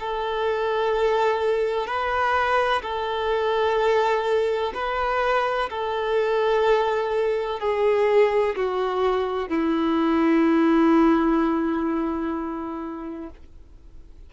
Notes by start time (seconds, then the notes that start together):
0.00 A4
1.87 B4
2.82 A4
4.74 B4
5.70 A4
7.60 G#4
8.56 F#4
9.49 E4